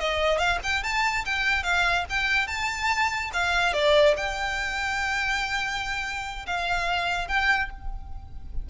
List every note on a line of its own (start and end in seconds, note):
0.00 0.38 D#5
0.38 0.59 F5
0.63 0.83 G5
0.83 1.25 A5
1.25 1.63 G5
1.63 2.05 F5
2.10 2.47 G5
2.47 3.31 A5
3.33 3.73 F5
3.73 4.15 D5
4.17 6.46 G5
6.47 7.28 F5
7.28 7.70 G5